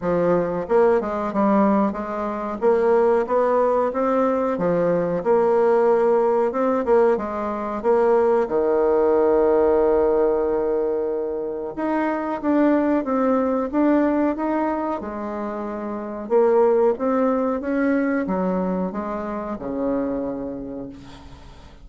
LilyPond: \new Staff \with { instrumentName = "bassoon" } { \time 4/4 \tempo 4 = 92 f4 ais8 gis8 g4 gis4 | ais4 b4 c'4 f4 | ais2 c'8 ais8 gis4 | ais4 dis2.~ |
dis2 dis'4 d'4 | c'4 d'4 dis'4 gis4~ | gis4 ais4 c'4 cis'4 | fis4 gis4 cis2 | }